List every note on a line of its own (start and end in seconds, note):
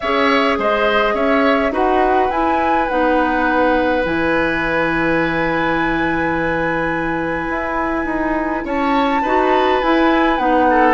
0.00 0.58 C#4
0.00 1.72 G#4
0.00 0.58 C#5
0.00 0.58 E5
0.58 1.14 G#3
0.58 1.14 C5
0.58 1.15 D#5
1.14 1.71 C#4
1.14 1.72 C#5
1.14 1.72 E5
1.71 2.28 D#4
1.71 2.29 F#4
1.71 8.64 B4
1.71 2.30 F#5
2.29 2.87 E4
2.29 2.89 E4
2.29 2.88 G#5
2.88 4.05 B3
2.88 4.03 D#4
2.88 4.03 F#5
4.03 7.49 E3
4.03 9.22 E4
4.03 8.66 G#5
7.49 8.05 E4
8.05 8.62 D#4
8.64 9.22 C#4
8.64 9.22 C#5
8.64 9.81 A5
9.22 9.81 D#4
9.22 9.82 F#4
9.22 10.66 B4
9.81 10.39 E4
9.81 10.38 E4
9.81 10.38 G#5
10.38 10.94 B3
10.38 10.94 D#4
10.38 10.94 F#5
10.70 10.94 A4